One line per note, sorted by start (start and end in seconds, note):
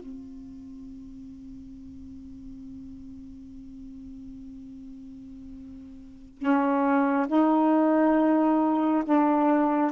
0.00 6.39 C4
6.39 7.27 C#4
7.28 9.04 D#4
9.05 9.92 D4